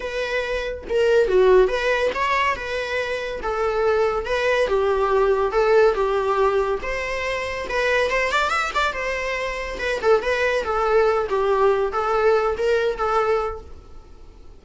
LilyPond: \new Staff \with { instrumentName = "viola" } { \time 4/4 \tempo 4 = 141 b'2 ais'4 fis'4 | b'4 cis''4 b'2 | a'2 b'4 g'4~ | g'4 a'4 g'2 |
c''2 b'4 c''8 d''8 | e''8 d''8 c''2 b'8 a'8 | b'4 a'4. g'4. | a'4. ais'4 a'4. | }